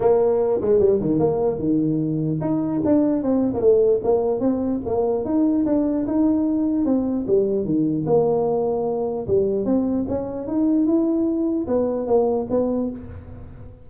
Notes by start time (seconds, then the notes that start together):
0.00 A#3
0.61 G#3
0.79 G3
1.00 D#3
1.19 A#3
1.59 D#3
2.41 D#4
2.84 D4
3.23 C4
3.53 A#3
3.60 A3
4.03 A#3
4.40 C4
4.85 A#3
5.24 D#4
5.65 D4
6.07 D#4
6.85 C4
7.27 G3
7.65 D#3
8.06 A#3
9.27 G3
9.65 C4
10.08 C#4
10.47 D#4
10.86 E4
11.67 B3
12.06 A#3
12.49 B3